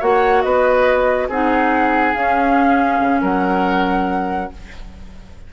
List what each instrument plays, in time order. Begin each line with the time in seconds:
0.00 bassoon A#3, clarinet F#4, oboe C#5, flute F#5
0.42 bassoon B3, oboe B4, flute D#5
1.29 bassoon C4, clarinet D#4, oboe G#4, flute F#5
2.14 clarinet C#4, bassoon C#4, flute F5
3.00 bassoon C#3
3.21 bassoon F#3, oboe A#4, flute F#5